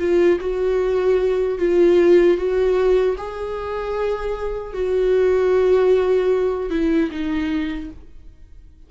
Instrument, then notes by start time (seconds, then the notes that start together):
viola
0.00 F4
0.41 F#4
1.59 F4
2.38 F#4
3.18 G#4
4.74 F#4
6.71 E4
7.12 D#4